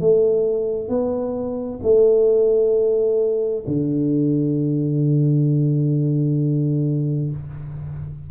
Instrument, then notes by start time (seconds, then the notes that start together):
tuba
0.00 A3
0.88 B3
1.82 A3
3.67 D3